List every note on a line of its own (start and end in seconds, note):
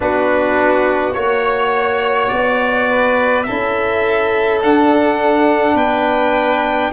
0.00 1.15 B3
0.00 1.14 D4
0.00 1.16 F#4
0.00 1.13 B4
1.13 2.31 A#3
1.13 3.45 F#4
1.13 2.28 C#5
1.13 2.89 C#5
2.28 3.47 B3
2.28 3.43 D5
2.90 3.46 B4
3.43 4.63 C#4
3.43 4.62 E4
3.43 5.74 A4
3.43 4.58 E5
4.62 6.93 D4
4.62 5.74 D4
4.62 5.77 F#5
5.74 6.89 B3
5.74 6.90 B4
5.74 6.92 G5